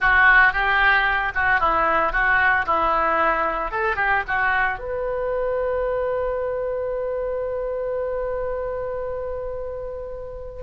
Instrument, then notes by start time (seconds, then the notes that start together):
oboe
0.00 F#4
0.52 G4
1.34 F#4
1.60 E4
2.12 F#4
2.66 E4
3.71 A4
3.96 G4
4.27 F#4
4.78 B4